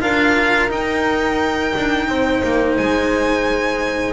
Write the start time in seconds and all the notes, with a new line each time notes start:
0.00 D4 F4 A#4 F5
0.69 D#4 G5
1.76 D4
2.07 C4 C5
2.43 A#3
2.77 G#3 G#5